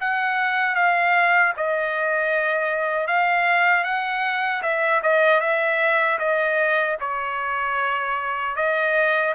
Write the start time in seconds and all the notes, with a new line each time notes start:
0.00 F#5
0.75 F5
1.57 D#5
3.07 F5
3.84 F#5
4.62 E5
5.03 D#5
5.40 E5
6.19 D#5
7.00 C#5
8.56 D#5